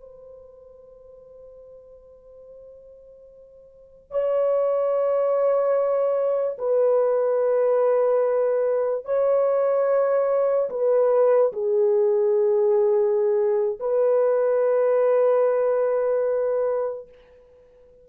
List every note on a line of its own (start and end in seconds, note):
0.00 4.11 C5
4.11 6.58 C#5
6.58 9.05 B4
9.05 10.69 C#5
10.70 11.52 B4
11.53 13.79 G#4
13.80 17.08 B4